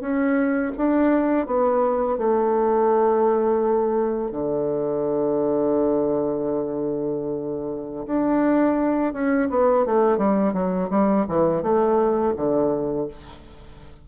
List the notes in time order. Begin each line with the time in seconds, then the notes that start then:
0.00 C#4
0.77 D4
1.46 B3
2.17 A3
4.31 D3
8.06 D4
9.13 C#4
9.49 B3
9.85 A3
10.18 G3
10.53 F#3
10.90 G3
11.28 E3
11.62 A3
12.36 D3